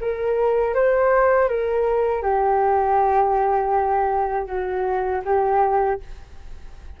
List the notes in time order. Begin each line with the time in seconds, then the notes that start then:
0.00 A#4
0.74 C5
1.48 A#4
2.22 G4
4.46 F#4
5.24 G4